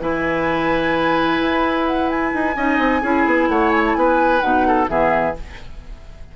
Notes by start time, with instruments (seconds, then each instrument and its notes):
0.00 bassoon E3, clarinet E4, oboe B4, flute G#5
1.40 bassoon E4
1.86 flute F#5
2.09 flute G#5
2.34 bassoon D#4
2.56 bassoon C#4, clarinet D#4, oboe D#5
2.78 bassoon C4
3.01 bassoon C#4, clarinet E4, oboe G#4
3.25 bassoon B3
3.48 bassoon A3, oboe C#5, flute F#5
3.70 flute G#5
3.86 flute A5
3.95 bassoon B3, oboe B4, flute G#5
4.40 bassoon B2, clarinet D#4, flute F#5
4.67 oboe A4
4.88 bassoon E3, clarinet B3, oboe G#4, flute E5